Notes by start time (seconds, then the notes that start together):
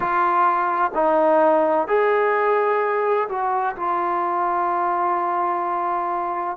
0.00 F4
0.94 D#4
1.87 G#4
3.29 F#4
3.76 F4